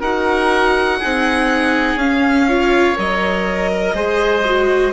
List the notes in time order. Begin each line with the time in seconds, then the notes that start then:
0.00 D#4 F#4 A#4 F#5
0.99 C4 D#4 G#4
1.95 C#4 F5
2.47 F4 C#5
2.96 F#3 A#4 D#5
3.73 A#4
3.94 G#3 G#4 C5
4.45 F#4